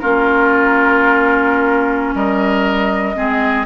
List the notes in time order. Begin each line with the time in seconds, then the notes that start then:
0.00 A#3 C#4 F4 A#4
2.15 G3 A#4 D#5
3.16 G#3 C4 G#4